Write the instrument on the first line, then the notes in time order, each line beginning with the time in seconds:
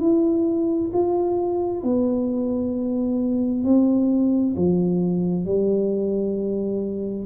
tuba
0.00 E4
0.93 F4
1.83 B3
3.64 C4
4.56 F3
5.45 G3